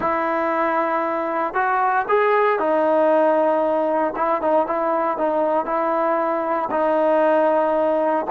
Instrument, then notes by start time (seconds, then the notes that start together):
trombone
0.00 E4
1.54 F#4
2.08 G#4
2.59 D#4
4.15 E4
4.41 D#4
4.66 E4
5.17 D#4
5.65 E4
6.70 D#4